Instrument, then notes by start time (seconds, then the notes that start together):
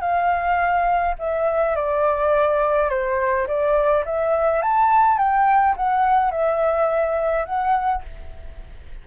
flute
0.00 F5
1.18 E5
1.75 D5
2.89 C5
3.47 D5
4.05 E5
4.62 A5
5.18 G5
5.76 F#5
6.31 E5
7.45 F#5